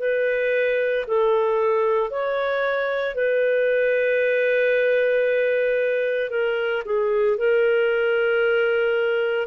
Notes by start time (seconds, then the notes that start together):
0.00 B4
1.07 A4
2.11 C#5
3.15 B4
6.30 A#4
6.85 G#4
7.37 A#4